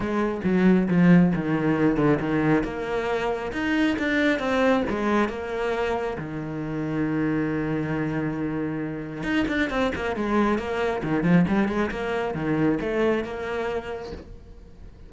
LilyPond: \new Staff \with { instrumentName = "cello" } { \time 4/4 \tempo 4 = 136 gis4 fis4 f4 dis4~ | dis8 d8 dis4 ais2 | dis'4 d'4 c'4 gis4 | ais2 dis2~ |
dis1~ | dis4 dis'8 d'8 c'8 ais8 gis4 | ais4 dis8 f8 g8 gis8 ais4 | dis4 a4 ais2 | }